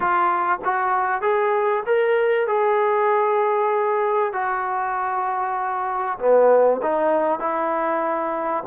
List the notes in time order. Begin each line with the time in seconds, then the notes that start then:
0.00 F4
0.64 F#4
1.21 G#4
1.86 A#4
2.47 G#4
4.32 F#4
6.19 B3
6.82 D#4
7.39 E4